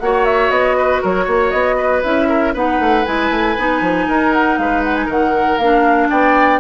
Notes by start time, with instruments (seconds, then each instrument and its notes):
0.00 bassoon A#3, clarinet F#4, oboe C#5, flute F#5
0.25 flute E5
0.50 bassoon B3, flute D#5
0.77 oboe B4
1.02 bassoon F#3, oboe A#4, flute C#5
1.25 bassoon A#3, oboe C#5
1.51 bassoon B3, flute D#5
1.77 oboe B4
2.03 bassoon C#4, clarinet E4, flute E5
2.29 oboe A#4
2.53 bassoon B3, clarinet D#4, oboe B4, flute F#5
2.80 bassoon A3
3.05 bassoon G#3, clarinet E4, flute G#5
3.30 bassoon A3
3.58 bassoon B3, clarinet D#4
3.81 bassoon F3
4.08 bassoon D#4, oboe A#4
4.33 flute F#5
4.58 bassoon G#3, oboe B4, flute F5
4.84 flute F#5
4.95 flute G#5
5.06 bassoon D#3, oboe A#4, flute F#5
5.58 bassoon A#3, clarinet D4, flute F5
6.10 bassoon B3, oboe D5, flute G5